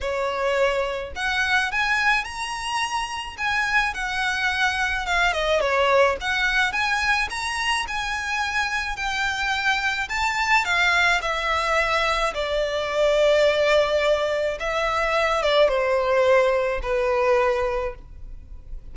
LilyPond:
\new Staff \with { instrumentName = "violin" } { \time 4/4 \tempo 4 = 107 cis''2 fis''4 gis''4 | ais''2 gis''4 fis''4~ | fis''4 f''8 dis''8 cis''4 fis''4 | gis''4 ais''4 gis''2 |
g''2 a''4 f''4 | e''2 d''2~ | d''2 e''4. d''8 | c''2 b'2 | }